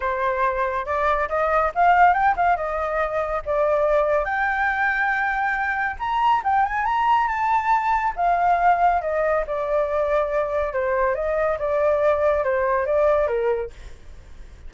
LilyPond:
\new Staff \with { instrumentName = "flute" } { \time 4/4 \tempo 4 = 140 c''2 d''4 dis''4 | f''4 g''8 f''8 dis''2 | d''2 g''2~ | g''2 ais''4 g''8 gis''8 |
ais''4 a''2 f''4~ | f''4 dis''4 d''2~ | d''4 c''4 dis''4 d''4~ | d''4 c''4 d''4 ais'4 | }